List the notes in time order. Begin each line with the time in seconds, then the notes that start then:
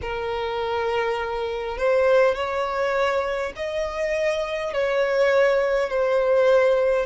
0.01 A#4
1.77 C5
2.35 C#5
3.56 D#5
4.73 C#5
5.89 C5